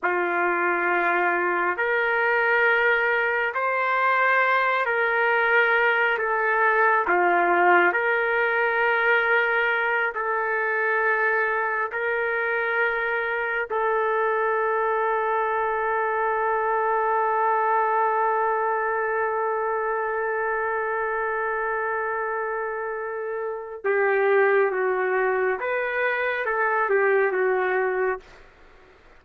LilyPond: \new Staff \with { instrumentName = "trumpet" } { \time 4/4 \tempo 4 = 68 f'2 ais'2 | c''4. ais'4. a'4 | f'4 ais'2~ ais'8 a'8~ | a'4. ais'2 a'8~ |
a'1~ | a'1~ | a'2. g'4 | fis'4 b'4 a'8 g'8 fis'4 | }